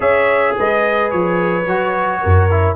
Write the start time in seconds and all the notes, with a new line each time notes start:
0.00 C#4 G#4 C#5 E5
0.57 G#3 B4 D#5
1.11 F3 C#5
1.66 F#3 F#4
2.21 F#2 A#4
2.50 E4